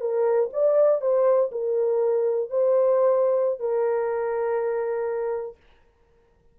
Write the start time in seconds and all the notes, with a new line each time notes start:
0.00 A#4
0.52 D5
1.01 C5
1.51 A#4
2.49 C5
3.59 A#4